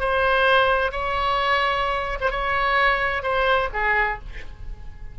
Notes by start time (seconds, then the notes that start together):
0.00 C5
0.92 C#5
2.20 C5
2.31 C#5
3.23 C5
3.73 G#4